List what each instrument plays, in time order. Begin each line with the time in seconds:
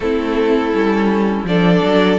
0.00 cello A3, viola C4, violin E4 A4
0.73 cello G3, viola C#4
1.44 cello F3, viola D4, violin A4 D5
1.84 cello F#3